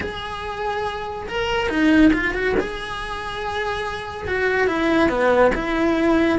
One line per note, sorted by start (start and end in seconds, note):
0.00 1.27 G#4
1.28 1.69 A#4
1.69 2.11 D#4
2.13 2.34 F4
2.34 2.55 F#4
2.59 4.27 G#4
4.27 4.67 F#4
4.67 5.09 E4
5.09 5.51 B3
5.54 6.38 E4